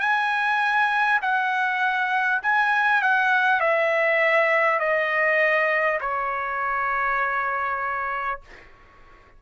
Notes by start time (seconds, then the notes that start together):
0.00 G#5
1.22 F#5
2.43 G#5
3.02 F#5
3.61 E5
4.79 D#5
6.01 C#5